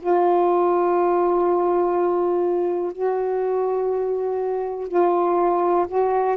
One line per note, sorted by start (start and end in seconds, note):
0.00 2.92 F4
2.92 4.88 F#4
4.88 5.86 F4
5.87 6.37 F#4